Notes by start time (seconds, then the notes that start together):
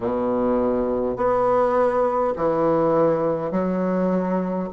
0.00 B2
1.16 B3
2.36 E3
3.51 F#3